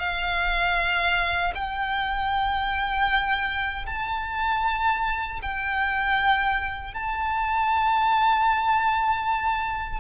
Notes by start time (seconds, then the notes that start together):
0.00 F5
1.55 G5
3.86 A5
5.42 G5
6.95 A5